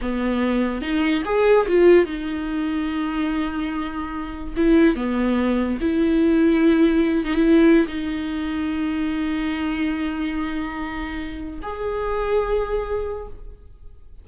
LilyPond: \new Staff \with { instrumentName = "viola" } { \time 4/4 \tempo 4 = 145 b2 dis'4 gis'4 | f'4 dis'2.~ | dis'2. e'4 | b2 e'2~ |
e'4. dis'16 e'4~ e'16 dis'4~ | dis'1~ | dis'1 | gis'1 | }